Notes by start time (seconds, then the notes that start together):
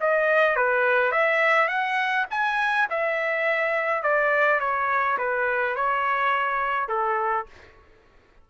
0.00 D#5
0.56 B4
1.11 E5
1.68 F#5
2.30 G#5
2.90 E5
4.02 D5
4.59 C#5
5.18 B4
5.75 C#5
6.88 A4